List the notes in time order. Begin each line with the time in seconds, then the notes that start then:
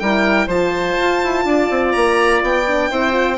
0.00 G3 E4 A#4 G5
0.47 F3 F4 C5 A5
0.99 F4
1.24 E4
1.45 D4 D5
1.70 C4
1.92 A#3 A#5
2.42 B3 G5
2.67 D4
2.91 C4 E4 C5
3.12 F4